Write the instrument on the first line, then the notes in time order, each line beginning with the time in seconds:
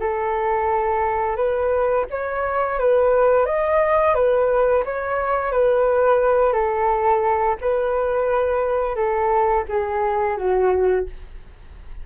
flute
0.00 A4
1.37 B4
2.11 C#5
2.79 B4
3.46 D#5
4.15 B4
4.85 C#5
5.52 B4
6.53 A4
7.61 B4
8.96 A4
9.69 G#4
10.38 F#4